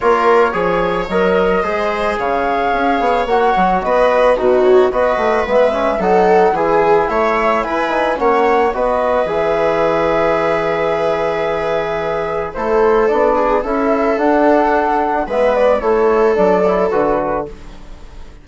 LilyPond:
<<
  \new Staff \with { instrumentName = "flute" } { \time 4/4 \tempo 4 = 110 cis''2 dis''2 | f''2 fis''4 dis''4 | b'8 cis''8 dis''4 e''4 fis''4 | gis''4 e''4 gis''4 fis''4 |
dis''4 e''2.~ | e''2. c''4 | d''4 e''4 fis''2 | e''8 d''8 cis''4 d''4 b'4 | }
  \new Staff \with { instrumentName = "viola" } { \time 4/4 ais'4 cis''2 c''4 | cis''2. b'4 | fis'4 b'2 a'4 | gis'4 cis''4 b'4 cis''4 |
b'1~ | b'2. a'4~ | a'8 gis'8 a'2. | b'4 a'2. | }
  \new Staff \with { instrumentName = "trombone" } { \time 4/4 f'4 gis'4 ais'4 gis'4~ | gis'2 fis'2 | dis'4 fis'4 b8 cis'8 dis'4 | e'2~ e'8 dis'8 cis'4 |
fis'4 gis'2.~ | gis'2. e'4 | d'4 e'4 d'2 | b4 e'4 d'8 e'8 fis'4 | }
  \new Staff \with { instrumentName = "bassoon" } { \time 4/4 ais4 f4 fis4 gis4 | cis4 cis'8 b8 ais8 fis8 b4 | b,4 b8 a8 gis4 fis4 | e4 a4 e'4 ais4 |
b4 e2.~ | e2. a4 | b4 cis'4 d'2 | gis4 a4 fis4 d4 | }
>>